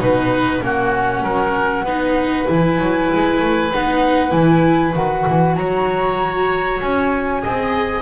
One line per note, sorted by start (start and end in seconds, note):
0.00 0.62 B2
0.00 0.61 D#4
0.00 0.62 B4
0.00 0.64 B4
0.61 1.23 A#3
0.61 1.85 C#4
0.61 1.23 F#4
0.61 2.50 F#5
1.23 1.84 F#3
1.23 1.85 A#4
1.84 2.46 B3
1.84 2.47 D#4
1.84 5.56 B4
2.47 2.79 E3
2.47 3.71 E4
2.47 3.73 G#5
2.79 3.10 F#3
3.15 3.40 G#3
3.40 3.71 A3
3.73 4.32 B3
3.73 4.30 D#4
3.73 4.32 F#5
4.30 4.94 E3
4.30 4.92 E4
4.30 4.94 G#5
4.95 5.26 D#3
4.95 7.42 F#4
4.95 5.56 F#5
5.28 5.57 E3
5.56 6.81 F#3
5.56 7.43 C#5
5.56 6.79 A#5
6.80 7.44 C#4
6.80 8.02 G#5
7.42 8.02 C4
7.42 8.02 G#4
7.42 8.02 D#5